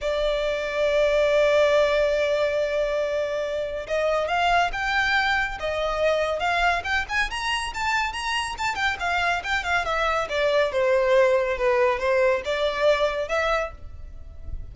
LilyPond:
\new Staff \with { instrumentName = "violin" } { \time 4/4 \tempo 4 = 140 d''1~ | d''1~ | d''4 dis''4 f''4 g''4~ | g''4 dis''2 f''4 |
g''8 gis''8 ais''4 a''4 ais''4 | a''8 g''8 f''4 g''8 f''8 e''4 | d''4 c''2 b'4 | c''4 d''2 e''4 | }